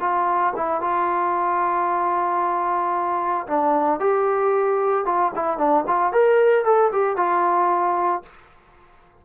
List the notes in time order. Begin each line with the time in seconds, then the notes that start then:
0.00 F4
0.56 E4
0.81 F4
3.47 D4
3.99 G4
5.05 F4
5.35 E4
5.57 D4
5.87 F4
6.13 A#4
6.64 A4
6.92 G4
7.16 F4